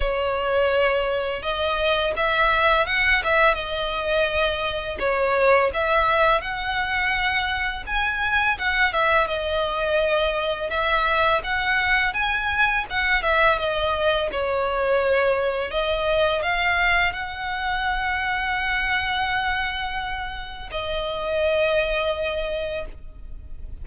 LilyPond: \new Staff \with { instrumentName = "violin" } { \time 4/4 \tempo 4 = 84 cis''2 dis''4 e''4 | fis''8 e''8 dis''2 cis''4 | e''4 fis''2 gis''4 | fis''8 e''8 dis''2 e''4 |
fis''4 gis''4 fis''8 e''8 dis''4 | cis''2 dis''4 f''4 | fis''1~ | fis''4 dis''2. | }